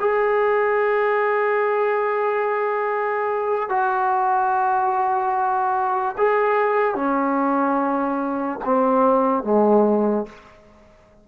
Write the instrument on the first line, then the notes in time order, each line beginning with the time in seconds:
trombone
0.00 G#4
3.69 F#4
6.17 G#4
6.95 C#4
8.65 C4
9.43 G#3